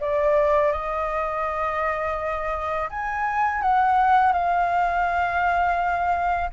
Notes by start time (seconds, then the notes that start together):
0.00 D5
0.72 D#5
2.89 G#5
3.62 F#5
4.32 F5